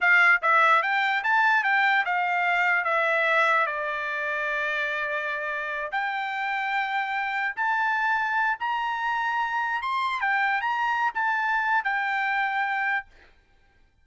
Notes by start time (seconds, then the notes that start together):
0.00 F5
0.42 E5
0.82 G5
1.23 A5
1.63 G5
2.05 F5
2.84 E5
3.66 D5
5.91 G5
7.55 A5
8.59 A#5
9.82 C6
10.20 G5
10.61 A#5
11.14 A5
11.84 G5